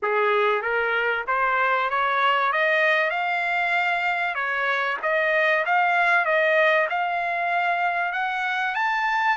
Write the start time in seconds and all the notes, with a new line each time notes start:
0.02 G#4
0.62 A#4
1.27 C5
1.89 C#5
2.52 D#5
3.10 F5
4.34 C#5
5.02 D#5
5.65 F5
6.25 D#5
6.89 F5
8.12 F#5
8.74 A5